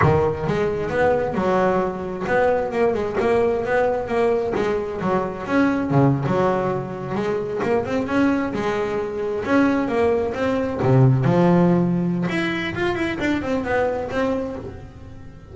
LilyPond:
\new Staff \with { instrumentName = "double bass" } { \time 4/4 \tempo 4 = 132 dis4 gis4 b4 fis4~ | fis4 b4 ais8 gis8 ais4 | b4 ais4 gis4 fis4 | cis'4 cis8. fis2 gis16~ |
gis8. ais8 c'8 cis'4 gis4~ gis16~ | gis8. cis'4 ais4 c'4 c16~ | c8. f2~ f16 e'4 | f'8 e'8 d'8 c'8 b4 c'4 | }